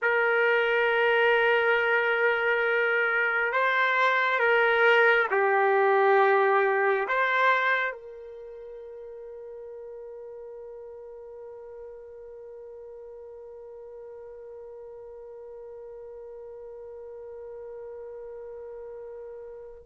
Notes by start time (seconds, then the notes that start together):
0.02 A#4
3.52 C5
4.39 A#4
5.30 G4
7.07 C5
7.92 A#4